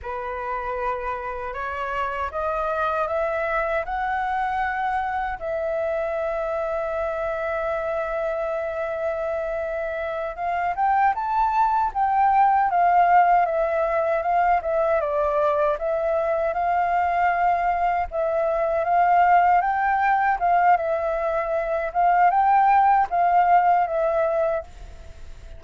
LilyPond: \new Staff \with { instrumentName = "flute" } { \time 4/4 \tempo 4 = 78 b'2 cis''4 dis''4 | e''4 fis''2 e''4~ | e''1~ | e''4. f''8 g''8 a''4 g''8~ |
g''8 f''4 e''4 f''8 e''8 d''8~ | d''8 e''4 f''2 e''8~ | e''8 f''4 g''4 f''8 e''4~ | e''8 f''8 g''4 f''4 e''4 | }